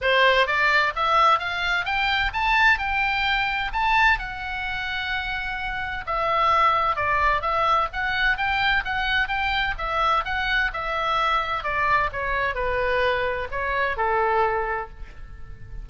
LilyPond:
\new Staff \with { instrumentName = "oboe" } { \time 4/4 \tempo 4 = 129 c''4 d''4 e''4 f''4 | g''4 a''4 g''2 | a''4 fis''2.~ | fis''4 e''2 d''4 |
e''4 fis''4 g''4 fis''4 | g''4 e''4 fis''4 e''4~ | e''4 d''4 cis''4 b'4~ | b'4 cis''4 a'2 | }